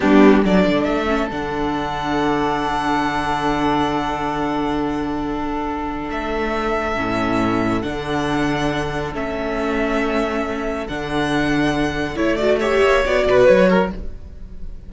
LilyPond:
<<
  \new Staff \with { instrumentName = "violin" } { \time 4/4 \tempo 4 = 138 g'4 d''4 e''4 fis''4~ | fis''1~ | fis''1~ | fis''2 e''2~ |
e''2 fis''2~ | fis''4 e''2.~ | e''4 fis''2. | cis''8 d''8 e''4 d''4 cis''4 | }
  \new Staff \with { instrumentName = "violin" } { \time 4/4 d'4 a'2.~ | a'1~ | a'1~ | a'1~ |
a'1~ | a'1~ | a'1~ | a'4 cis''4. b'4 ais'8 | }
  \new Staff \with { instrumentName = "viola" } { \time 4/4 b4 d'4. cis'8 d'4~ | d'1~ | d'1~ | d'1 |
cis'2 d'2~ | d'4 cis'2.~ | cis'4 d'2. | e'8 fis'8 g'4 fis'2 | }
  \new Staff \with { instrumentName = "cello" } { \time 4/4 g4 fis8 d8 a4 d4~ | d1~ | d1~ | d2 a2 |
a,2 d2~ | d4 a2.~ | a4 d2. | a4. ais8 b8 b,8 fis4 | }
>>